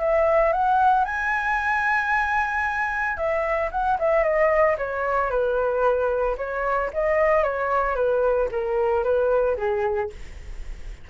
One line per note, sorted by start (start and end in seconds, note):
0.00 0.53 E5
0.53 1.05 F#5
1.05 3.17 G#5
3.17 3.70 E5
3.72 3.98 F#5
3.99 4.24 E5
4.24 4.77 D#5
4.78 5.30 C#5
5.30 6.37 B4
6.38 6.91 C#5
6.94 7.44 D#5
7.44 7.96 C#5
7.96 8.49 B4
8.52 9.04 A#4
9.04 9.57 B4
9.57 10.10 G#4